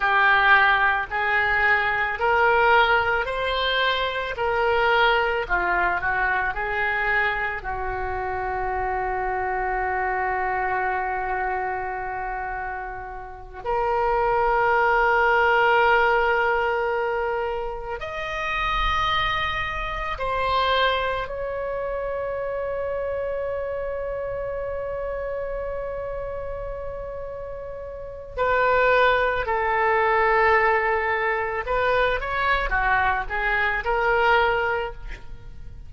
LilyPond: \new Staff \with { instrumentName = "oboe" } { \time 4/4 \tempo 4 = 55 g'4 gis'4 ais'4 c''4 | ais'4 f'8 fis'8 gis'4 fis'4~ | fis'1~ | fis'8 ais'2.~ ais'8~ |
ais'8 dis''2 c''4 cis''8~ | cis''1~ | cis''2 b'4 a'4~ | a'4 b'8 cis''8 fis'8 gis'8 ais'4 | }